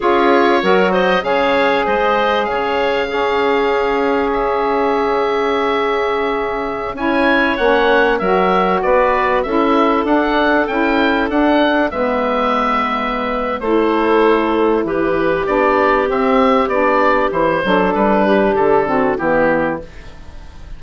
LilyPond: <<
  \new Staff \with { instrumentName = "oboe" } { \time 4/4 \tempo 4 = 97 cis''4. dis''8 f''4 dis''4 | f''2. e''4~ | e''2.~ e''16 gis''8.~ | gis''16 fis''4 e''4 d''4 e''8.~ |
e''16 fis''4 g''4 fis''4 e''8.~ | e''2 c''2 | b'4 d''4 e''4 d''4 | c''4 b'4 a'4 g'4 | }
  \new Staff \with { instrumentName = "clarinet" } { \time 4/4 gis'4 ais'8 c''8 cis''4 c''4 | cis''4 gis'2.~ | gis'2.~ gis'16 cis''8.~ | cis''4~ cis''16 ais'4 b'4 a'8.~ |
a'2.~ a'16 b'8.~ | b'2 a'2 | g'1~ | g'8 a'4 g'4 fis'8 e'4 | }
  \new Staff \with { instrumentName = "saxophone" } { \time 4/4 f'4 fis'4 gis'2~ | gis'4 cis'2.~ | cis'2.~ cis'16 e'8.~ | e'16 cis'4 fis'2 e'8.~ |
e'16 d'4 e'4 d'4 b8.~ | b2 e'2~ | e'4 d'4 c'4 d'4 | e'8 d'2 c'8 b4 | }
  \new Staff \with { instrumentName = "bassoon" } { \time 4/4 cis'4 fis4 cis4 gis4 | cis1~ | cis2.~ cis16 cis'8.~ | cis'16 ais4 fis4 b4 cis'8.~ |
cis'16 d'4 cis'4 d'4 gis8.~ | gis2 a2 | e4 b4 c'4 b4 | e8 fis8 g4 d4 e4 | }
>>